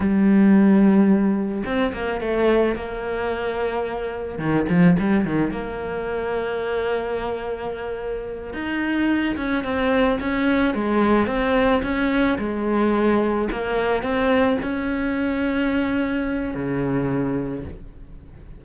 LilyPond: \new Staff \with { instrumentName = "cello" } { \time 4/4 \tempo 4 = 109 g2. c'8 ais8 | a4 ais2. | dis8 f8 g8 dis8 ais2~ | ais2.~ ais8 dis'8~ |
dis'4 cis'8 c'4 cis'4 gis8~ | gis8 c'4 cis'4 gis4.~ | gis8 ais4 c'4 cis'4.~ | cis'2 cis2 | }